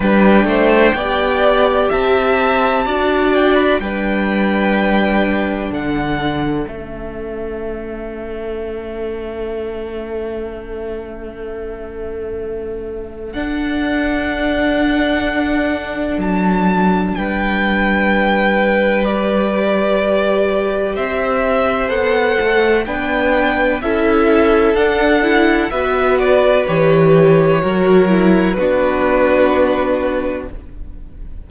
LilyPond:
<<
  \new Staff \with { instrumentName = "violin" } { \time 4/4 \tempo 4 = 63 g''2 a''4. g''16 b''16 | g''2 fis''4 e''4~ | e''1~ | e''2 fis''2~ |
fis''4 a''4 g''2 | d''2 e''4 fis''4 | g''4 e''4 fis''4 e''8 d''8 | cis''2 b'2 | }
  \new Staff \with { instrumentName = "violin" } { \time 4/4 b'8 c''8 d''4 e''4 d''4 | b'2 a'2~ | a'1~ | a'1~ |
a'2 b'2~ | b'2 c''2 | b'4 a'2 b'4~ | b'4 ais'4 fis'2 | }
  \new Staff \with { instrumentName = "viola" } { \time 4/4 d'4 g'2 fis'4 | d'2. cis'4~ | cis'1~ | cis'2 d'2~ |
d'1 | g'2. a'4 | d'4 e'4 d'8 e'8 fis'4 | g'4 fis'8 e'8 d'2 | }
  \new Staff \with { instrumentName = "cello" } { \time 4/4 g8 a8 b4 c'4 d'4 | g2 d4 a4~ | a1~ | a2 d'2~ |
d'4 fis4 g2~ | g2 c'4 b8 a8 | b4 cis'4 d'4 b4 | e4 fis4 b2 | }
>>